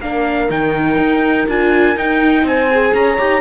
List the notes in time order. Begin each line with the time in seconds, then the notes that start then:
0.00 A#3 D4 A#4 F5
0.49 D#3 D#4 G5
0.98 D#4
1.47 D4 F4 G#5
1.96 D#4 G5
2.43 C4 C5 G#5
2.71 G#4
2.93 C#4 C#5 A#5
3.18 D#4 G4